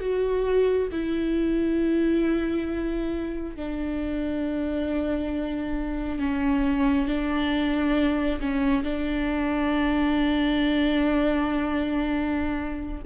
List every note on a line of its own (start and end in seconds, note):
0.00 0.88 F#4
0.91 3.56 E4
3.56 6.19 D4
6.19 7.07 C#4
7.07 8.40 D4
8.40 8.83 C#4
8.83 13.02 D4